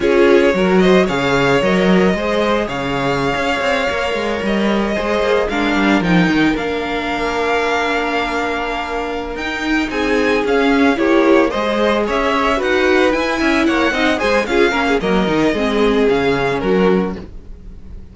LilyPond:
<<
  \new Staff \with { instrumentName = "violin" } { \time 4/4 \tempo 4 = 112 cis''4. dis''8 f''4 dis''4~ | dis''4 f''2.~ | f''16 dis''2 f''4 g''8.~ | g''16 f''2.~ f''8.~ |
f''4. g''4 gis''4 f''8~ | f''8 cis''4 dis''4 e''4 fis''8~ | fis''8 gis''4 fis''4 gis''8 f''4 | dis''2 f''4 ais'4 | }
  \new Staff \with { instrumentName = "violin" } { \time 4/4 gis'4 ais'8 c''8 cis''2 | c''4 cis''2.~ | cis''4~ cis''16 c''4 ais'4.~ ais'16~ | ais'1~ |
ais'2~ ais'8 gis'4.~ | gis'8 g'4 c''4 cis''4 b'8~ | b'4 e''8 cis''8 dis''8 c''8 gis'8 ais'16 gis'16 | ais'4 gis'2 fis'4 | }
  \new Staff \with { instrumentName = "viola" } { \time 4/4 f'4 fis'4 gis'4 ais'4 | gis'2.~ gis'16 ais'8.~ | ais'4~ ais'16 gis'4 d'4 dis'8.~ | dis'16 d'2.~ d'8.~ |
d'4. dis'2 cis'8~ | cis'8 e'4 gis'2 fis'8~ | fis'8 e'4. dis'8 gis'8 f'8 cis'8 | ais8 dis'8 c'4 cis'2 | }
  \new Staff \with { instrumentName = "cello" } { \time 4/4 cis'4 fis4 cis4 fis4 | gis4 cis4~ cis16 cis'8 c'8 ais8 gis16~ | gis16 g4 gis8 ais8 gis8 g8 f8 dis16~ | dis16 ais2.~ ais8.~ |
ais4. dis'4 c'4 cis'8~ | cis'8 ais4 gis4 cis'4 dis'8~ | dis'8 e'8 cis'8 ais8 c'8 gis8 cis'8 ais8 | fis8 dis8 gis4 cis4 fis4 | }
>>